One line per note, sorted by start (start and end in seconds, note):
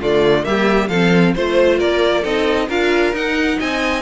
0.00 0.45 D3
0.00 0.43 A3
0.00 0.45 F4
0.00 0.44 D5
0.43 0.89 G3
0.43 0.88 A#3
0.43 0.89 G4
0.43 0.88 E5
0.88 1.34 F3
0.88 1.36 C4
0.88 1.34 A4
0.88 1.33 F5
1.34 1.81 A3
1.34 2.23 F4
1.34 1.78 C5
1.34 1.79 C5
1.78 2.24 A#3
1.78 2.21 A#4
1.78 2.24 D5
2.21 2.69 C4
2.21 2.68 D#4
2.21 2.66 A4
2.21 2.69 D#5
2.68 3.13 D4
2.68 3.13 F4
2.68 3.57 A#4
2.68 3.14 F5
3.13 3.57 D#4
3.13 4.01 D#4
3.13 3.59 F#5
3.59 4.01 C4
3.59 4.01 D#5
3.59 4.01 G#5